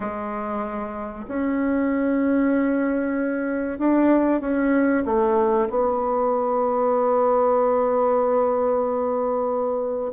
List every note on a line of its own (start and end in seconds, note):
0.00 1.25 G#3
1.27 3.78 C#4
3.78 4.40 D4
4.40 5.04 C#4
5.05 5.68 A3
5.69 10.11 B3